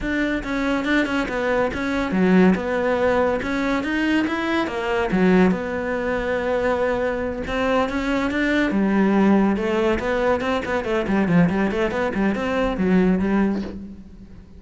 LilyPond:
\new Staff \with { instrumentName = "cello" } { \time 4/4 \tempo 4 = 141 d'4 cis'4 d'8 cis'8 b4 | cis'4 fis4 b2 | cis'4 dis'4 e'4 ais4 | fis4 b2.~ |
b4. c'4 cis'4 d'8~ | d'8 g2 a4 b8~ | b8 c'8 b8 a8 g8 f8 g8 a8 | b8 g8 c'4 fis4 g4 | }